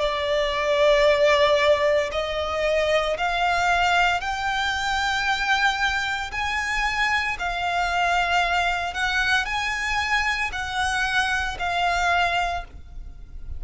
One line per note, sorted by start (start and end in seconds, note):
0.00 2.11 D5
2.12 3.17 D#5
3.18 4.21 F5
4.21 6.32 G5
6.32 7.37 G#5
7.39 8.94 F5
8.94 9.45 F#5
9.45 10.51 G#5
10.53 11.58 F#5
11.59 12.65 F5